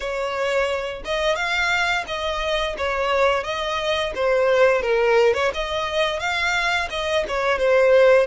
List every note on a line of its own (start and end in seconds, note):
0.00 1.03 C#5
1.04 1.35 D#5
1.35 2.04 F5
2.07 2.76 D#5
2.77 3.43 C#5
3.43 4.12 D#5
4.15 4.82 C5
4.82 5.34 A#4
5.34 5.51 C#5
5.54 6.19 D#5
6.19 6.88 F5
6.90 7.24 D#5
7.28 7.58 C#5
7.58 8.26 C5